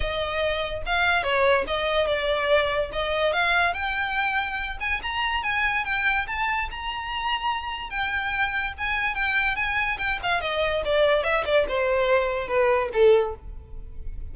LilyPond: \new Staff \with { instrumentName = "violin" } { \time 4/4 \tempo 4 = 144 dis''2 f''4 cis''4 | dis''4 d''2 dis''4 | f''4 g''2~ g''8 gis''8 | ais''4 gis''4 g''4 a''4 |
ais''2. g''4~ | g''4 gis''4 g''4 gis''4 | g''8 f''8 dis''4 d''4 e''8 d''8 | c''2 b'4 a'4 | }